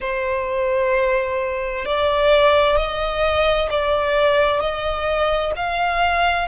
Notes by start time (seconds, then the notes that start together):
0.00 C5
1.85 D5
2.77 D#5
3.69 D5
4.60 D#5
5.56 F5